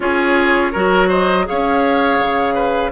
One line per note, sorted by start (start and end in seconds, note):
0.00 0.73 C#4
0.00 0.73 F4
0.00 0.72 G#4
0.00 1.10 C#5
0.72 1.48 F#3
0.72 1.44 F#4
0.72 1.08 A#4
1.08 1.45 C5
1.08 1.47 D#5
1.44 2.90 G#4
1.44 2.54 C#5
1.44 2.91 F5
1.50 2.19 C#4
2.19 2.91 C#3
2.54 2.90 B4